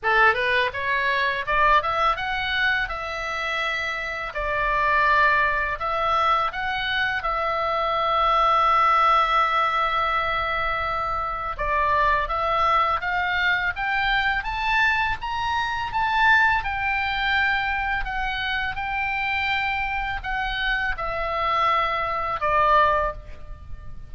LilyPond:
\new Staff \with { instrumentName = "oboe" } { \time 4/4 \tempo 4 = 83 a'8 b'8 cis''4 d''8 e''8 fis''4 | e''2 d''2 | e''4 fis''4 e''2~ | e''1 |
d''4 e''4 f''4 g''4 | a''4 ais''4 a''4 g''4~ | g''4 fis''4 g''2 | fis''4 e''2 d''4 | }